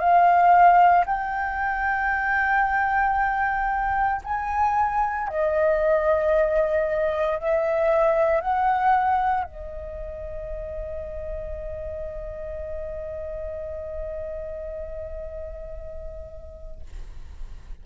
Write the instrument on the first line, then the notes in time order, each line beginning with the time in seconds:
flute
0.00 F5
1.06 G5
4.24 G#5
5.29 D#5
7.39 E5
8.41 F#5
9.44 D#5